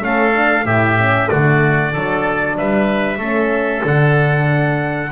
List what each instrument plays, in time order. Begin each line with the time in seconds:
0.00 double bass A3, horn C#4, oboe A4, trumpet F5
0.32 horn D4
0.64 double bass A2, horn E4, oboe G4, trumpet E5
0.98 horn C#4
1.28 double bass D3, horn A3, oboe F#4, trumpet D5
1.93 double bass F#3, horn D4, oboe A4
2.57 double bass G3, oboe B4, trumpet E5
3.18 double bass A3, horn C#4, oboe A4
3.82 double bass D3, horn D4, trumpet F#5